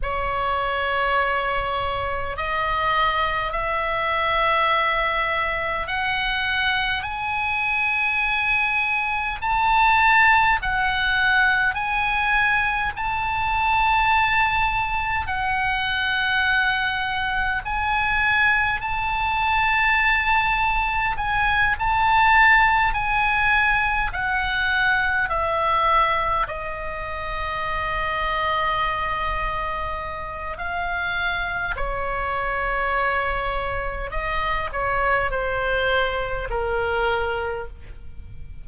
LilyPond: \new Staff \with { instrumentName = "oboe" } { \time 4/4 \tempo 4 = 51 cis''2 dis''4 e''4~ | e''4 fis''4 gis''2 | a''4 fis''4 gis''4 a''4~ | a''4 fis''2 gis''4 |
a''2 gis''8 a''4 gis''8~ | gis''8 fis''4 e''4 dis''4.~ | dis''2 f''4 cis''4~ | cis''4 dis''8 cis''8 c''4 ais'4 | }